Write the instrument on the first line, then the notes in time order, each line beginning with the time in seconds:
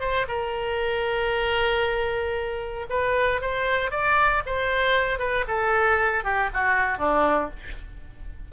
oboe
0.00 C5
0.28 A#4
2.89 B4
3.41 C5
3.91 D5
4.46 C5
5.19 B4
5.48 A4
6.24 G4
6.53 F#4
6.98 D4